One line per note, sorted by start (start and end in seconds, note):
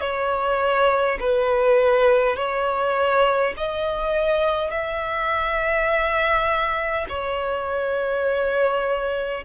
0.00 1.18 C#5
1.19 2.36 B4
2.36 3.53 C#5
3.57 4.70 D#5
4.70 7.05 E5
7.09 9.44 C#5